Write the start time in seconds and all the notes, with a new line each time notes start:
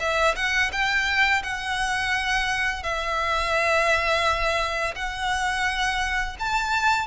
0.00 E5
0.36 F#5
0.73 G5
1.43 F#5
2.83 E5
4.96 F#5
6.40 A5